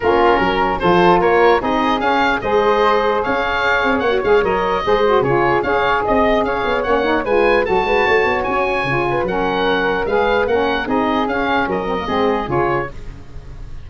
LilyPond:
<<
  \new Staff \with { instrumentName = "oboe" } { \time 4/4 \tempo 4 = 149 ais'2 c''4 cis''4 | dis''4 f''4 dis''2 | f''2 fis''8 f''8 dis''4~ | dis''4 cis''4 f''4 dis''4 |
f''4 fis''4 gis''4 a''4~ | a''4 gis''2 fis''4~ | fis''4 f''4 fis''4 dis''4 | f''4 dis''2 cis''4 | }
  \new Staff \with { instrumentName = "flute" } { \time 4/4 f'4 ais'4 a'4 ais'4 | gis'2 c''2 | cis''1 | c''4 gis'4 cis''4 dis''4 |
cis''2 b'4 a'8 b'8 | cis''2~ cis''8 b'8 ais'4~ | ais'4 b'4 ais'4 gis'4~ | gis'4 ais'4 gis'2 | }
  \new Staff \with { instrumentName = "saxophone" } { \time 4/4 cis'2 f'2 | dis'4 cis'4 gis'2~ | gis'2 fis'8 gis'8 ais'4 | gis'8 fis'8 f'4 gis'2~ |
gis'4 cis'8 dis'8 f'4 fis'4~ | fis'2 f'4 cis'4~ | cis'4 gis'4 cis'4 dis'4 | cis'4. c'16 ais16 c'4 f'4 | }
  \new Staff \with { instrumentName = "tuba" } { \time 4/4 ais4 fis4 f4 ais4 | c'4 cis'4 gis2 | cis'4. c'8 ais8 gis8 fis4 | gis4 cis4 cis'4 c'4 |
cis'8 b8 ais4 gis4 fis8 gis8 | a8 b8 cis'4 cis4 fis4~ | fis4 gis4 ais4 c'4 | cis'4 fis4 gis4 cis4 | }
>>